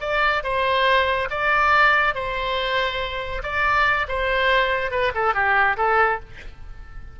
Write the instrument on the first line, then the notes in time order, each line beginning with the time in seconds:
oboe
0.00 D5
0.43 C5
1.30 D5
2.14 C5
3.43 D5
4.08 C5
4.91 B4
5.14 A4
5.34 G4
5.77 A4